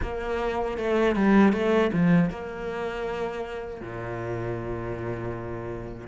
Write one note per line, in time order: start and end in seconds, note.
0.01 0.77 A#3
0.77 1.15 A3
1.15 1.53 G3
1.53 1.91 A3
1.92 2.30 F3
2.30 3.80 A#3
3.80 6.07 A#2